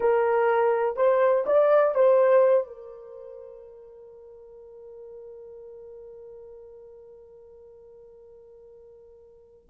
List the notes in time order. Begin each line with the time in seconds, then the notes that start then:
0.00 A#4
0.96 C5
1.46 D5
1.94 C5
2.67 A#4